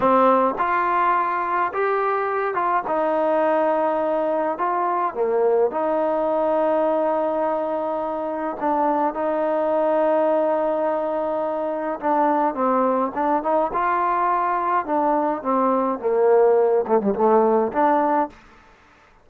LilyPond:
\new Staff \with { instrumentName = "trombone" } { \time 4/4 \tempo 4 = 105 c'4 f'2 g'4~ | g'8 f'8 dis'2. | f'4 ais4 dis'2~ | dis'2. d'4 |
dis'1~ | dis'4 d'4 c'4 d'8 dis'8 | f'2 d'4 c'4 | ais4. a16 g16 a4 d'4 | }